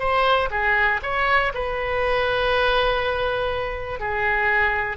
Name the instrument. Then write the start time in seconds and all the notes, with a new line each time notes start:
oboe
0.00 C5
0.51 G#4
1.03 C#5
1.55 B4
4.00 G#4